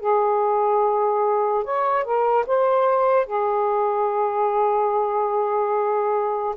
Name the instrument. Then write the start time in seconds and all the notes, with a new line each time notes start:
saxophone
0.00 G#4
1.64 C#5
2.04 A#4
2.47 C5
3.26 G#4